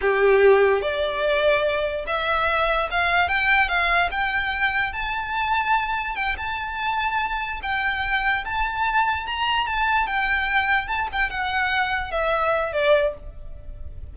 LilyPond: \new Staff \with { instrumentName = "violin" } { \time 4/4 \tempo 4 = 146 g'2 d''2~ | d''4 e''2 f''4 | g''4 f''4 g''2 | a''2. g''8 a''8~ |
a''2~ a''8 g''4.~ | g''8 a''2 ais''4 a''8~ | a''8 g''2 a''8 g''8 fis''8~ | fis''4. e''4. d''4 | }